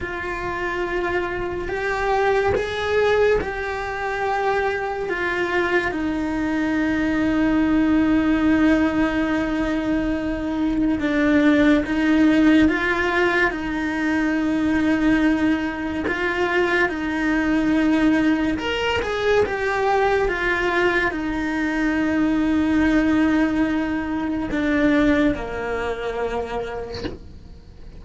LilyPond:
\new Staff \with { instrumentName = "cello" } { \time 4/4 \tempo 4 = 71 f'2 g'4 gis'4 | g'2 f'4 dis'4~ | dis'1~ | dis'4 d'4 dis'4 f'4 |
dis'2. f'4 | dis'2 ais'8 gis'8 g'4 | f'4 dis'2.~ | dis'4 d'4 ais2 | }